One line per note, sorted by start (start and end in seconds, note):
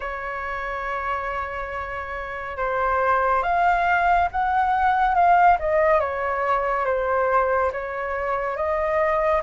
0.00 2.57 C#5
2.57 3.42 C5
3.42 4.28 F5
4.31 5.14 F#5
5.14 5.57 F5
5.59 6.00 D#5
6.00 6.85 C#5
6.85 7.71 C5
7.71 8.56 C#5
8.56 9.42 D#5